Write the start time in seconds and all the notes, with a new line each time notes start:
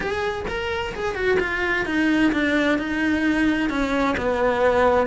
0.00 G#4
0.47 A#4
0.94 G#4
1.15 F#4
1.39 F4
1.85 D#4
2.32 D4
2.78 D#4
3.69 C#4
4.17 B3